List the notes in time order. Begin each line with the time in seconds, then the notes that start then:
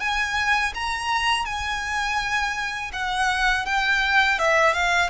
0.00 G#5
0.75 A#5
1.45 G#5
2.93 F#5
3.66 G5
4.39 E5
4.73 F5